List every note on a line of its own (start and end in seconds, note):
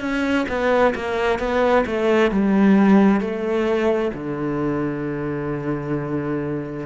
0.00 0.45 C#4
0.48 0.94 B3
0.95 1.39 A#3
1.39 1.84 B3
1.86 2.31 A3
2.31 3.20 G3
3.20 4.11 A3
4.13 6.86 D3